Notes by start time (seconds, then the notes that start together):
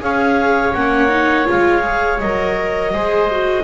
0.00 C#4 G#4 C#5 F5
0.74 A#3 C#4 F#5
1.09 D#4
1.45 F4 F5
1.51 G#3
1.82 G#4
2.19 F#3 A#4 D#5
2.93 G#3 G#4 C5
3.31 F#4